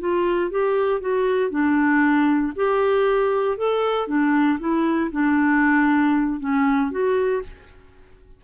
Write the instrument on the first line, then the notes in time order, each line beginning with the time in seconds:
clarinet
0.00 F4
0.51 G4
1.01 F#4
1.51 D4
2.56 G4
3.58 A4
4.07 D4
4.60 E4
5.12 D4
6.40 C#4
6.91 F#4